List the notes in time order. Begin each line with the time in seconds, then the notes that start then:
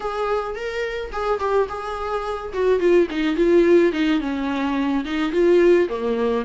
0.00 G#4
0.55 A#4
1.12 G#4
1.39 G4
1.68 G#4
2.53 F#4
2.79 F4
3.10 D#4
3.36 F4
3.92 D#4
4.20 C#4
5.05 D#4
5.32 F4
5.89 A#3